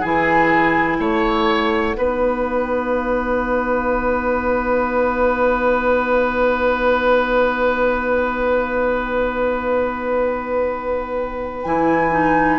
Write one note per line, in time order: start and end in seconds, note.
0.00 0.99 E3
0.00 1.95 E4
0.00 0.97 G#4
0.00 1.00 G#5
0.99 1.96 A3
0.99 1.97 C#5
0.99 11.64 F#5
1.95 11.65 B3
1.95 11.63 D#4
1.95 12.59 B4
11.64 12.59 E3
11.64 12.11 E4
11.64 12.59 G#5
12.11 12.59 D#4